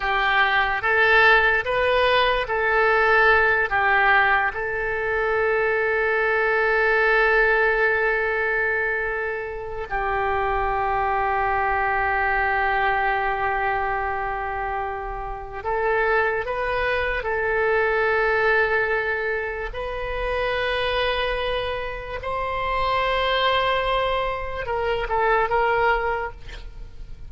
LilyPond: \new Staff \with { instrumentName = "oboe" } { \time 4/4 \tempo 4 = 73 g'4 a'4 b'4 a'4~ | a'8 g'4 a'2~ a'8~ | a'1 | g'1~ |
g'2. a'4 | b'4 a'2. | b'2. c''4~ | c''2 ais'8 a'8 ais'4 | }